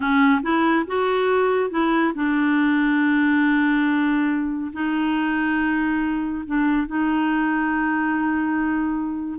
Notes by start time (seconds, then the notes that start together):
0.00 C#4
0.42 E4
0.87 F#4
1.70 E4
2.14 D4
4.73 D#4
6.46 D4
6.87 D#4